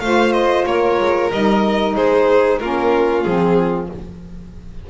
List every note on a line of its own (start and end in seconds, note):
0.00 0.65 A3
0.00 1.31 F4
0.00 0.68 C5
0.00 0.32 F5
0.33 0.65 D#5
0.66 0.98 A#3
0.66 1.95 A#4
0.66 1.30 C#5
0.99 1.31 G#3
1.31 1.96 G3
1.31 2.61 D#4
1.31 1.96 D#5
1.95 2.61 G#3
1.95 2.59 G#4
1.95 2.59 C5
2.59 3.25 A#3
2.59 3.25 C#4
2.59 3.89 F4
2.59 3.22 A#4
3.22 3.90 F3
3.22 3.90 C4
3.22 3.87 G#4